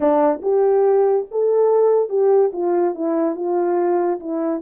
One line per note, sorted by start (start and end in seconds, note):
0.00 0.41 D4
0.42 1.25 G4
1.31 2.09 A4
2.09 2.51 G4
2.52 2.94 F4
2.95 3.35 E4
3.35 4.19 F4
4.20 4.62 E4